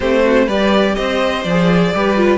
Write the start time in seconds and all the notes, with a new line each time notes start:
0.00 A3 C4 G4 C5
0.25 F#4
0.46 G3 G4 B4 D5
0.95 C4 C5 D#5
1.43 F3 D5
1.49 G#4
1.94 G3 G4 B4
2.17 F4